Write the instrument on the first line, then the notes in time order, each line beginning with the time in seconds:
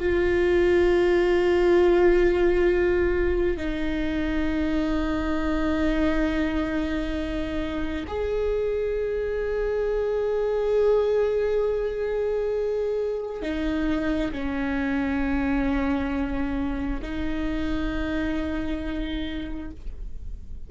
viola
0.00 F4
3.57 D#4
8.08 G#4
13.42 D#4
14.32 C#4
17.02 D#4